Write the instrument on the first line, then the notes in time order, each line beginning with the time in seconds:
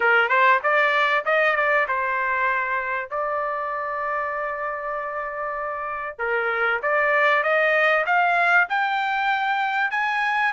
trumpet
0.00 A#4
0.28 C5
0.63 D5
1.25 D#5
1.55 D5
1.88 C5
3.10 D5
6.18 A#4
6.82 D5
7.43 D#5
8.06 F5
8.69 G5
9.91 G#5